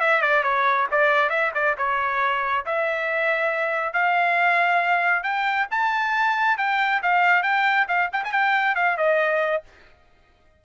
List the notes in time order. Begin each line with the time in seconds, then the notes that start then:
0.00 E5
0.22 D5
0.43 C#5
0.91 D5
1.30 E5
1.54 D5
1.78 C#5
2.66 E5
3.93 F5
5.23 G5
5.71 A5
6.58 G5
7.03 F5
7.43 G5
7.88 F5
8.13 G5
8.24 G#5
8.32 G5
8.75 F5
8.97 D#5